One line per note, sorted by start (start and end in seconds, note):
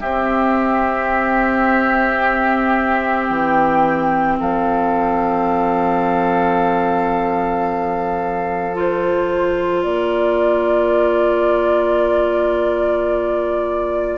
0.00 3.29 C4
0.00 8.73 C4
0.00 4.36 G4
0.00 3.27 E5
3.28 4.38 E3
3.28 4.37 G5
4.39 9.83 F3
4.39 9.84 A4
4.39 8.76 F5
8.73 14.18 F4
8.73 9.83 C5
9.83 14.18 A#3
9.83 14.18 A#4
9.83 14.18 D5